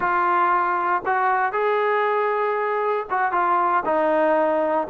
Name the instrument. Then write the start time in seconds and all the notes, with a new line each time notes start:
trombone
0.00 F4
1.05 F#4
1.52 G#4
3.09 F#4
3.32 F4
3.85 D#4